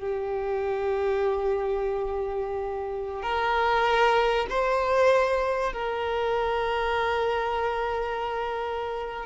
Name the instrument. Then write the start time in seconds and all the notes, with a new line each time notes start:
violin
0.00 G4
3.23 A#4
4.50 C5
5.73 A#4